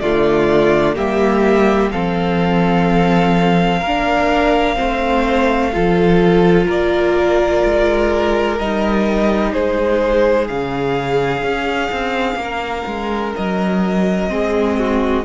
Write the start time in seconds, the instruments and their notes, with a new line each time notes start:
0.00 cello D3, viola A3, violin F4 D5
0.95 cello G3, viola A#3, violin G4 E5
1.91 cello F3, viola C4, violin A4 F5
3.80 cello A#3, violin A#4
3.87 viola D4
4.76 cello A3, viola C4, violin C5
5.73 cello F3, viola F4, violin A4
6.66 cello A#3, violin A#4 D5
7.64 cello G#3
8.59 cello G3, viola D#4, violin D#5
9.53 cello G#3, violin G#4 C5
10.48 cello C#3, viola C#4, violin F5
11.42 cello C#4
11.92 cello C4
12.35 cello A#3
12.43 violin A#4
12.86 cello G#3
13.36 cello F#3, violin D#5
14.28 cello G#3, viola C4, violin G#4
14.79 violin F#4